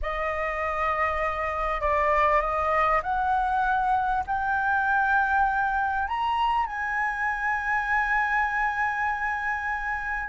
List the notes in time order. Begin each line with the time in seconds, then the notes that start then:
0.02 D#5
1.80 D5
2.41 D#5
3.02 F#5
4.26 G5
6.08 A#5
6.66 G#5